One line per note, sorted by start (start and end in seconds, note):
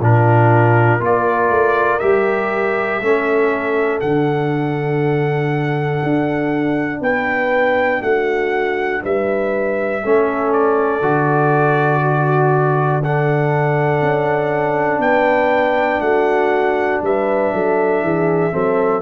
0.00 1.00 A#2
0.00 1.00 D4
0.00 1.01 F4
0.00 1.04 A#4
1.00 1.50 A#3
1.00 2.00 F4
1.00 3.04 A#4
1.00 1.99 D5
1.50 2.00 A3
1.99 3.01 G3
1.99 3.01 G4
1.99 3.99 E5
3.01 4.01 A3
3.01 4.01 C#4
3.01 7.01 A4
4.01 6.02 D3
4.01 10.01 D4
4.01 7.01 F#5
6.03 7.00 D4
7.00 8.00 B3
7.00 8.01 B4
7.00 8.03 G5
8.02 9.02 A3
8.02 9.02 F#4
8.02 9.03 F#5
9.03 10.04 G3
9.03 10.03 B4
9.03 10.53 E5
10.03 11.02 A3
10.03 11.02 C#4
10.03 12.02 A4
10.53 13.03 D5
11.02 14.02 D3
11.02 13.02 F#4
12.02 13.02 F#4
13.02 18.52 D4
13.02 15.02 A4
13.02 15.01 F#5
14.02 14.99 C#4
14.99 15.99 B3
14.99 16.03 B4
14.99 16.01 G5
16.00 17.00 A3
16.00 17.03 F#4
16.00 17.01 F#5
17.02 17.52 G3
17.02 17.54 B4
17.02 19.01 E5
17.53 18.02 F#3
17.53 18.04 A4
18.02 18.52 E3
18.02 18.53 G#4
18.52 19.01 F#3
18.52 19.01 C4
18.52 19.01 A4